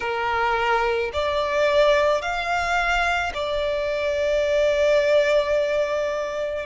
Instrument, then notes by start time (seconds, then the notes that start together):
violin
0.00 A#4
1.13 D5
2.21 F5
3.34 D5